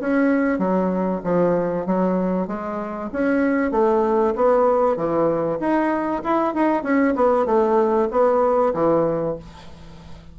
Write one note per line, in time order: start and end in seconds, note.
0.00 0.58 C#4
0.58 1.21 F#3
1.24 1.86 F3
1.86 2.47 F#3
2.47 3.10 G#3
3.12 3.71 C#4
3.71 4.34 A3
4.35 4.96 B3
4.96 5.59 E3
5.60 6.22 D#4
6.24 6.54 E4
6.54 6.83 D#4
6.83 7.14 C#4
7.15 7.46 B3
7.46 8.08 A3
8.11 8.73 B3
8.74 9.36 E3